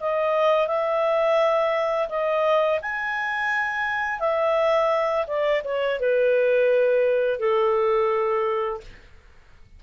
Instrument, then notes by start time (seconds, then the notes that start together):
clarinet
0.00 D#5
0.67 E5
2.09 D#5
2.82 G#5
4.20 E5
5.27 D5
5.64 C#5
6.00 B4
7.39 A4